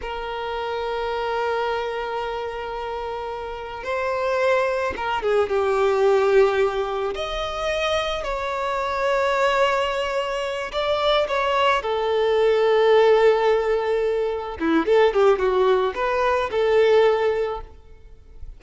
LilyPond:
\new Staff \with { instrumentName = "violin" } { \time 4/4 \tempo 4 = 109 ais'1~ | ais'2. c''4~ | c''4 ais'8 gis'8 g'2~ | g'4 dis''2 cis''4~ |
cis''2.~ cis''8 d''8~ | d''8 cis''4 a'2~ a'8~ | a'2~ a'8 e'8 a'8 g'8 | fis'4 b'4 a'2 | }